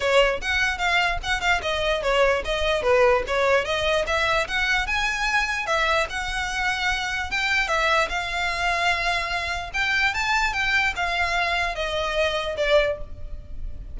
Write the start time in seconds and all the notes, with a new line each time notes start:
0.00 C#5
0.41 F#5
0.78 F5
1.22 F#5
1.40 F5
1.61 D#5
2.02 C#5
2.44 D#5
2.82 B4
3.27 C#5
3.64 D#5
4.06 E5
4.47 F#5
4.86 G#5
5.66 E5
6.09 F#5
7.31 G5
7.68 E5
8.08 F5
9.73 G5
10.14 A5
10.53 G5
10.96 F5
11.75 D#5
12.57 D5